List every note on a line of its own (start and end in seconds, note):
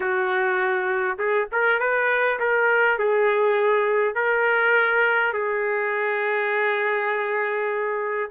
0.00 1.17 F#4
1.18 1.48 G#4
1.51 1.79 A#4
1.79 2.39 B4
2.39 2.98 A#4
2.98 4.14 G#4
4.14 5.33 A#4
5.33 8.30 G#4